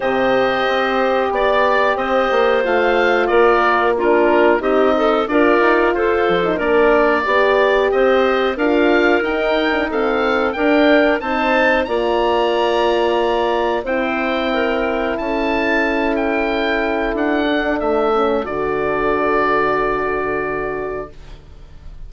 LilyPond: <<
  \new Staff \with { instrumentName = "oboe" } { \time 4/4 \tempo 4 = 91 dis''2 d''4 dis''4 | f''4 d''4 ais'4 dis''4 | d''4 c''4 d''2 | dis''4 f''4 g''4 f''4 |
g''4 a''4 ais''2~ | ais''4 g''2 a''4~ | a''8 g''4. fis''4 e''4 | d''1 | }
  \new Staff \with { instrumentName = "clarinet" } { \time 4/4 c''2 d''4 c''4~ | c''4 ais'4 f'4 g'8 a'8 | ais'4 a'4 ais'4 d''4 | c''4 ais'2 a'4 |
ais'4 c''4 d''2~ | d''4 c''4 ais'4 a'4~ | a'1~ | a'1 | }
  \new Staff \with { instrumentName = "horn" } { \time 4/4 g'1 | f'2 d'4 dis'4 | f'4.~ f'16 dis'16 d'4 g'4~ | g'4 f'4 dis'8. d'16 c'4 |
d'4 dis'4 f'2~ | f'4 e'2.~ | e'2~ e'8 d'4 cis'8 | fis'1 | }
  \new Staff \with { instrumentName = "bassoon" } { \time 4/4 c4 c'4 b4 c'8 ais8 | a4 ais2 c'4 | d'8 dis'8 f'8 f8 ais4 b4 | c'4 d'4 dis'2 |
d'4 c'4 ais2~ | ais4 c'2 cis'4~ | cis'2 d'4 a4 | d1 | }
>>